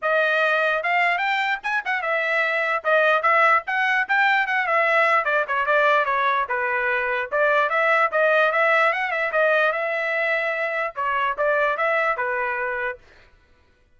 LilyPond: \new Staff \with { instrumentName = "trumpet" } { \time 4/4 \tempo 4 = 148 dis''2 f''4 g''4 | gis''8 fis''8 e''2 dis''4 | e''4 fis''4 g''4 fis''8 e''8~ | e''4 d''8 cis''8 d''4 cis''4 |
b'2 d''4 e''4 | dis''4 e''4 fis''8 e''8 dis''4 | e''2. cis''4 | d''4 e''4 b'2 | }